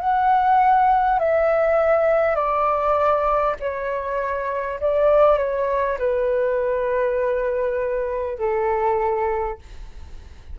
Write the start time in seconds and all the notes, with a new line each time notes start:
0.00 F#5
1.19 E5
2.36 D5
3.59 C#5
4.80 D5
5.38 C#5
5.99 B4
8.39 A4